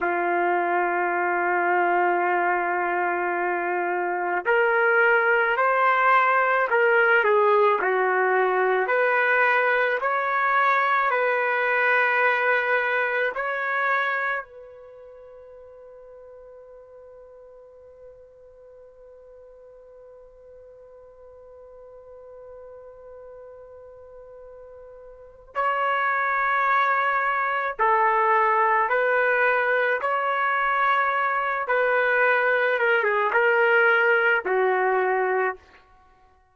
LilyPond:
\new Staff \with { instrumentName = "trumpet" } { \time 4/4 \tempo 4 = 54 f'1 | ais'4 c''4 ais'8 gis'8 fis'4 | b'4 cis''4 b'2 | cis''4 b'2.~ |
b'1~ | b'2. cis''4~ | cis''4 a'4 b'4 cis''4~ | cis''8 b'4 ais'16 gis'16 ais'4 fis'4 | }